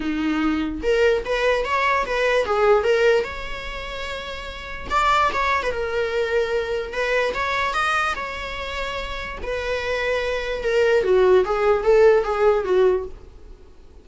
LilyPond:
\new Staff \with { instrumentName = "viola" } { \time 4/4 \tempo 4 = 147 dis'2 ais'4 b'4 | cis''4 b'4 gis'4 ais'4 | cis''1 | d''4 cis''8. b'16 ais'2~ |
ais'4 b'4 cis''4 dis''4 | cis''2. b'4~ | b'2 ais'4 fis'4 | gis'4 a'4 gis'4 fis'4 | }